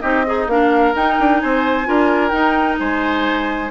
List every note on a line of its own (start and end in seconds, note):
0.00 0.47 C4
0.00 0.25 D#4
0.00 0.25 G4
0.00 0.46 D#5
0.26 0.51 D#4
0.26 0.49 G#4
0.47 0.93 A#3
0.47 0.95 D4
0.47 1.43 A#4
0.47 0.94 F5
0.95 1.19 D#4
0.95 1.85 D#4
0.95 1.40 G5
1.19 1.42 D4
1.40 1.88 C4
1.40 1.88 C5
1.40 2.29 G#5
1.85 2.32 D4
1.85 2.31 F4
1.85 2.80 A#4
2.29 3.70 D#4
2.29 2.78 D#4
2.29 2.75 G5
2.80 3.71 G#3
2.80 3.71 C5
2.80 3.71 G#5